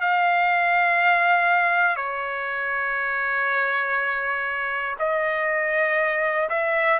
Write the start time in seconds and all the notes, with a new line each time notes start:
0.00 F5
1.96 C#5
4.99 D#5
6.49 E5